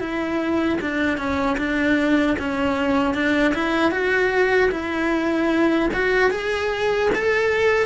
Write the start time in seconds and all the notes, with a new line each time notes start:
0.00 E4
0.81 D4
1.17 C#4
1.58 D4
2.39 C#4
3.14 D4
3.55 E4
3.91 F#4
4.72 E4
5.94 F#4
6.31 G#4
7.14 A4